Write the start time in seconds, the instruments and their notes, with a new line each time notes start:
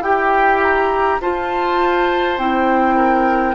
0.00 bassoon E4, clarinet G4, oboe G4, flute G5
0.62 flute A#5
1.21 bassoon F4, clarinet F4, oboe C5, flute A5
2.38 bassoon C4, clarinet E4, flute G5
2.96 oboe A#4